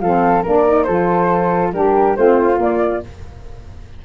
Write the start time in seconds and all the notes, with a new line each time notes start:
0.00 F3 C4 A4 F5
0.42 A#3 D4 A#4 D5
0.66 D#4
0.83 F3 F4 A4 C5
1.72 G3 D4 G4 A#4
2.15 A3 C4 F4 C5
2.56 A#3 D5